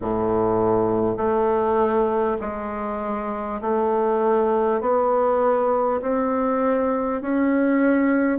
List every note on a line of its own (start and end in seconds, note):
0.01 1.17 A2
1.17 2.37 A3
2.41 3.61 G#3
3.61 4.80 A3
4.80 6.00 B3
6.01 7.21 C4
7.21 8.38 C#4